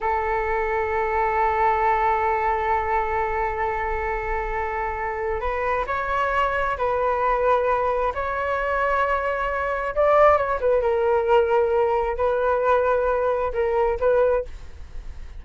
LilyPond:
\new Staff \with { instrumentName = "flute" } { \time 4/4 \tempo 4 = 133 a'1~ | a'1~ | a'1 | b'4 cis''2 b'4~ |
b'2 cis''2~ | cis''2 d''4 cis''8 b'8 | ais'2. b'4~ | b'2 ais'4 b'4 | }